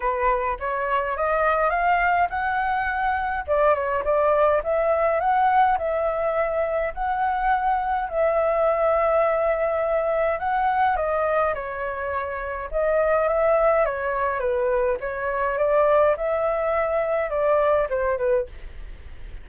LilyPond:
\new Staff \with { instrumentName = "flute" } { \time 4/4 \tempo 4 = 104 b'4 cis''4 dis''4 f''4 | fis''2 d''8 cis''8 d''4 | e''4 fis''4 e''2 | fis''2 e''2~ |
e''2 fis''4 dis''4 | cis''2 dis''4 e''4 | cis''4 b'4 cis''4 d''4 | e''2 d''4 c''8 b'8 | }